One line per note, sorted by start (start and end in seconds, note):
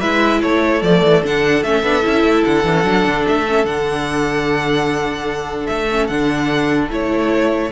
0.00 0.42 G#3
0.00 0.83 E4
0.00 0.41 B4
0.00 0.41 E5
0.42 0.82 A3
0.42 7.72 A4
0.42 0.83 C#5
0.82 1.03 F3
0.82 1.24 A3
0.82 1.23 D5
1.03 1.24 E3
1.24 1.63 D3
1.24 1.64 D4
1.24 1.63 F#5
1.63 1.83 A3
1.63 1.84 C#4
1.63 2.44 E5
1.83 2.04 B3
1.83 2.02 D4
2.02 2.23 C#4
2.02 2.63 E4
2.23 2.44 A3
2.45 2.64 D3
2.45 3.26 F#5
2.64 2.84 E3
2.64 2.73 D4
2.73 2.83 C#4
2.84 3.05 F#3
2.84 3.45 D4
3.05 3.26 D3
3.28 3.65 A3
3.28 3.66 E5
3.48 3.66 C#4
3.65 5.68 D3
3.65 5.89 D4
3.65 5.67 F#5
5.67 6.09 A3
5.67 6.07 E5
5.91 6.10 C#4
6.07 6.90 D3
6.07 6.90 D4
6.07 6.88 F#5
6.90 7.72 A3
6.90 7.72 E4
6.90 7.72 C#5